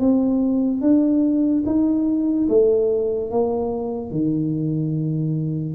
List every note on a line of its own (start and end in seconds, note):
0.00 0.82 C4
0.82 1.64 D4
1.66 2.48 D#4
2.49 3.31 A3
3.31 4.11 A#3
4.11 5.75 D#3